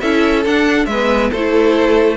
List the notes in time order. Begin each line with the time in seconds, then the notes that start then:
0.00 C#4 E4 A4 E5
0.45 D4 F#5
0.86 G#3 B4 E5
0.93 B3
1.31 A3 E4 A4 C5